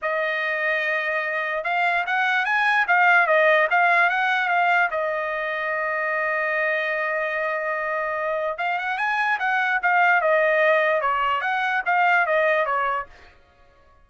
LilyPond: \new Staff \with { instrumentName = "trumpet" } { \time 4/4 \tempo 4 = 147 dis''1 | f''4 fis''4 gis''4 f''4 | dis''4 f''4 fis''4 f''4 | dis''1~ |
dis''1~ | dis''4 f''8 fis''8 gis''4 fis''4 | f''4 dis''2 cis''4 | fis''4 f''4 dis''4 cis''4 | }